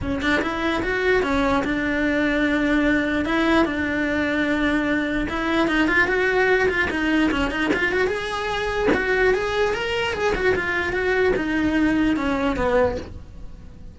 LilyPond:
\new Staff \with { instrumentName = "cello" } { \time 4/4 \tempo 4 = 148 cis'8 d'8 e'4 fis'4 cis'4 | d'1 | e'4 d'2.~ | d'4 e'4 dis'8 f'8 fis'4~ |
fis'8 f'8 dis'4 cis'8 dis'8 f'8 fis'8 | gis'2 fis'4 gis'4 | ais'4 gis'8 fis'8 f'4 fis'4 | dis'2 cis'4 b4 | }